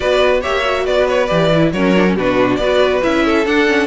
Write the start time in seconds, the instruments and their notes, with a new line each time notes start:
0.00 cello B3, viola F#4, violin B4 D5
0.40 cello A#3, viola G4, violin C#5 E5
0.64 viola F#4
0.85 cello B3, violin B4 D5
1.08 violin C#5
1.26 cello E3, viola G4, violin D5
1.54 viola E4
1.72 cello F#3, viola C#4, violin A#4 C#5
1.96 viola D4
2.06 viola C#4
2.15 cello B2, viola D4, violin F#4 B4
2.56 cello B3, viola F#4, violin B4 D5
3.01 cello C#4, viola E4, violin E5
3.25 violin A4
3.46 cello D4, viola D4, violin F#5
3.67 viola C#4